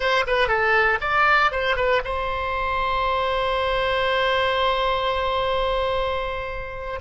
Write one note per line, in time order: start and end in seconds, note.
0.00 0.24 C5
0.26 0.48 B4
0.48 0.98 A4
1.00 1.51 D5
1.51 1.76 C5
1.76 2.01 B4
2.04 7.00 C5